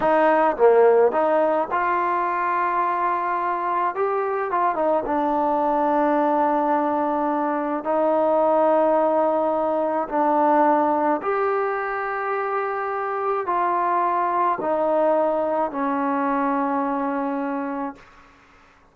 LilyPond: \new Staff \with { instrumentName = "trombone" } { \time 4/4 \tempo 4 = 107 dis'4 ais4 dis'4 f'4~ | f'2. g'4 | f'8 dis'8 d'2.~ | d'2 dis'2~ |
dis'2 d'2 | g'1 | f'2 dis'2 | cis'1 | }